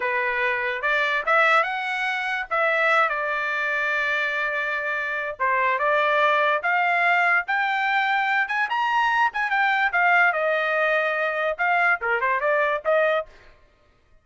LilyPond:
\new Staff \with { instrumentName = "trumpet" } { \time 4/4 \tempo 4 = 145 b'2 d''4 e''4 | fis''2 e''4. d''8~ | d''1~ | d''4 c''4 d''2 |
f''2 g''2~ | g''8 gis''8 ais''4. gis''8 g''4 | f''4 dis''2. | f''4 ais'8 c''8 d''4 dis''4 | }